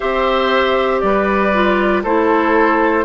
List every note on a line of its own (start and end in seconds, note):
0.00 1.03 C4
0.00 1.53 G4
0.00 1.01 C5
0.00 1.00 E5
1.00 2.04 G3
1.00 2.03 B4
1.00 2.01 D5
1.53 2.04 F4
2.03 3.04 A3
2.03 3.04 E4
2.03 3.04 A4
2.03 3.04 C5